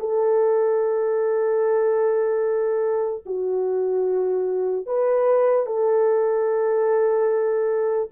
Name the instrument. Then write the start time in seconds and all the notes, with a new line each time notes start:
horn
0.00 A4
3.26 F#4
4.86 B4
5.66 A4